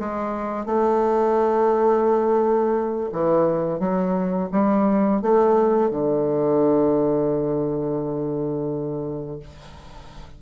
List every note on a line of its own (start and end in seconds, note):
0.00 0.66 G#3
0.66 3.10 A3
3.12 3.80 E3
3.80 4.49 F#3
4.52 5.22 G3
5.22 5.91 A3
5.91 9.40 D3